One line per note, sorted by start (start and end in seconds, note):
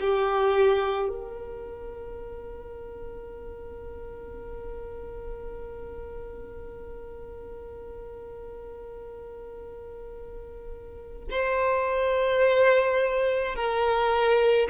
0.00 1.09 G4
1.09 11.27 A#4
11.30 13.55 C5
13.55 14.68 A#4